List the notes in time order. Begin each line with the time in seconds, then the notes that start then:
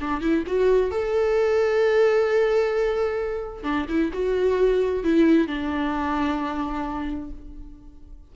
0.00 D4
0.21 E4
0.46 F#4
0.91 A4
3.63 D4
3.88 E4
4.13 F#4
5.04 E4
5.47 D4